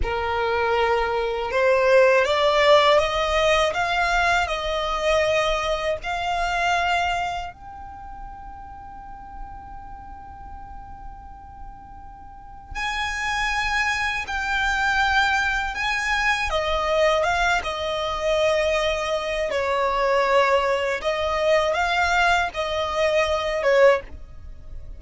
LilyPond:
\new Staff \with { instrumentName = "violin" } { \time 4/4 \tempo 4 = 80 ais'2 c''4 d''4 | dis''4 f''4 dis''2 | f''2 g''2~ | g''1~ |
g''4 gis''2 g''4~ | g''4 gis''4 dis''4 f''8 dis''8~ | dis''2 cis''2 | dis''4 f''4 dis''4. cis''8 | }